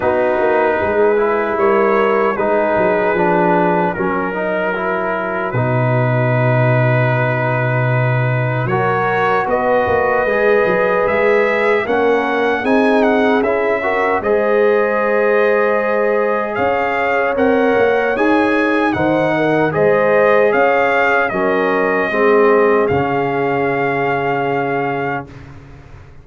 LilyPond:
<<
  \new Staff \with { instrumentName = "trumpet" } { \time 4/4 \tempo 4 = 76 b'2 cis''4 b'4~ | b'4 ais'2 b'4~ | b'2. cis''4 | dis''2 e''4 fis''4 |
gis''8 fis''8 e''4 dis''2~ | dis''4 f''4 fis''4 gis''4 | fis''4 dis''4 f''4 dis''4~ | dis''4 f''2. | }
  \new Staff \with { instrumentName = "horn" } { \time 4/4 fis'4 gis'4 ais'4 gis'4~ | gis'4 fis'2.~ | fis'2. ais'4 | b'2. ais'4 |
gis'4. ais'8 c''2~ | c''4 cis''2. | c''8 ais'8 c''4 cis''4 ais'4 | gis'1 | }
  \new Staff \with { instrumentName = "trombone" } { \time 4/4 dis'4. e'4. dis'4 | d'4 cis'8 dis'8 e'4 dis'4~ | dis'2. fis'4~ | fis'4 gis'2 cis'4 |
dis'4 e'8 fis'8 gis'2~ | gis'2 ais'4 gis'4 | dis'4 gis'2 cis'4 | c'4 cis'2. | }
  \new Staff \with { instrumentName = "tuba" } { \time 4/4 b8 ais8 gis4 g4 gis8 fis8 | f4 fis2 b,4~ | b,2. fis4 | b8 ais8 gis8 fis8 gis4 ais4 |
c'4 cis'4 gis2~ | gis4 cis'4 c'8 ais8 dis'4 | dis4 gis4 cis'4 fis4 | gis4 cis2. | }
>>